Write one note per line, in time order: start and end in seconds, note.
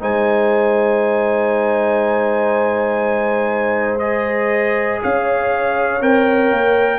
0.00 5.01 G#3
0.00 4.00 D#4
0.00 5.02 C5
0.00 3.99 G#5
3.99 6.00 G#4
3.99 4.99 D#5
5.03 6.01 C#4
5.03 6.99 C#5
5.03 6.02 F5
6.01 6.51 C4
6.01 6.99 A#4
6.01 6.99 G5
6.51 6.99 A#3